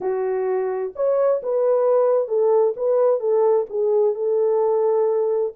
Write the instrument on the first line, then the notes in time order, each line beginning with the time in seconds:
horn
0.00 F#4
0.95 C#5
1.42 B4
2.27 A4
2.76 B4
3.20 A4
3.69 G#4
4.14 A4